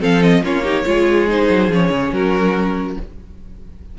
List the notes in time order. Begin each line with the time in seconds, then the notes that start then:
0.00 F3 C4 A4 F5
0.23 D#5
0.42 A#3 C#4 F4 C#5
0.63 D#4 G4
0.85 G#3 F4 G#4
1.27 D#4 C5
1.49 F#3
1.68 F3 C#4 C#5
1.89 C#3
2.12 F#3 F#4 A#4